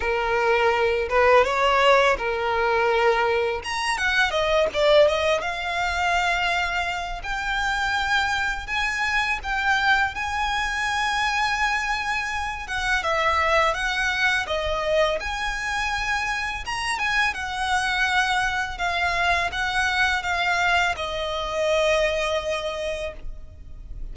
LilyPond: \new Staff \with { instrumentName = "violin" } { \time 4/4 \tempo 4 = 83 ais'4. b'8 cis''4 ais'4~ | ais'4 ais''8 fis''8 dis''8 d''8 dis''8 f''8~ | f''2 g''2 | gis''4 g''4 gis''2~ |
gis''4. fis''8 e''4 fis''4 | dis''4 gis''2 ais''8 gis''8 | fis''2 f''4 fis''4 | f''4 dis''2. | }